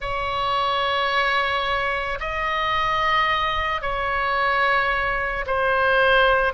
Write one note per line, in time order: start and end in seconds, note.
0.00 2.18 C#5
2.20 3.81 D#5
3.81 5.45 C#5
5.46 6.53 C5